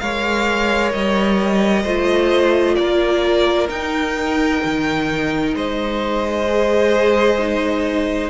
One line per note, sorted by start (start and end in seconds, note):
0.00 0.94 G#3
0.00 1.87 A#4
0.00 1.83 C#5
0.00 0.92 F5
0.93 1.85 G3
0.93 2.76 D#5
1.83 2.77 A3
1.83 3.69 F4
1.83 2.76 C5
2.76 3.70 A#3
2.76 5.56 A#4
2.76 3.68 D5
3.69 6.46 D#4
3.69 4.62 D#4
3.69 5.55 G5
4.65 5.55 D#3
5.55 8.31 G#3
5.55 8.31 C5
5.55 8.31 D#5
6.49 7.39 G#4
7.39 8.31 D#4